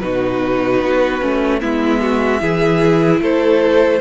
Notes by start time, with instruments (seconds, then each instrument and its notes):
0.00 cello B2, viola D#4, violin F#4 B4
0.81 cello B3
1.21 cello A3, viola C#4
1.61 cello G#3, viola B3, violin E4 E5
2.02 violin F#4
2.40 cello E3, viola E4, violin G#4
3.21 cello A3, violin A4 C5